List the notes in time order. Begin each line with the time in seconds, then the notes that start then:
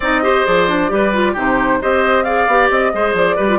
0.00 C4 D#4 D5 D#5
0.23 G4 C5
0.45 F3 G#4 D5
0.68 D4
0.89 G3 G4 B4
1.13 F4
1.32 C3 D#4 G4 C5
1.80 C4 G4 C5 D#5
2.23 G#4 D5 F5
2.47 B3 G4
2.70 C4 D#5
2.93 G#3 G#4 C5
3.13 F3 D5
3.35 G3 G4 B4
3.48 F4